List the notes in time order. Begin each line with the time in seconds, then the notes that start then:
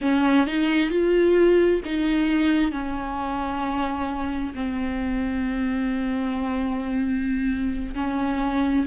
0.01 C#4
0.47 D#4
0.90 F4
1.84 D#4
2.71 C#4
4.54 C4
7.95 C#4